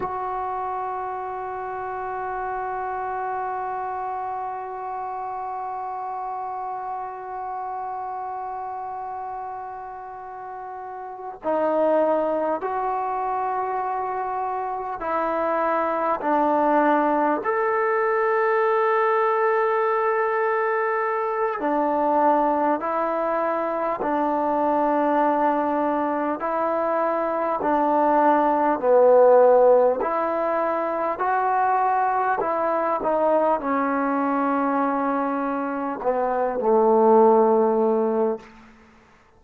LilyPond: \new Staff \with { instrumentName = "trombone" } { \time 4/4 \tempo 4 = 50 fis'1~ | fis'1~ | fis'4. dis'4 fis'4.~ | fis'8 e'4 d'4 a'4.~ |
a'2 d'4 e'4 | d'2 e'4 d'4 | b4 e'4 fis'4 e'8 dis'8 | cis'2 b8 a4. | }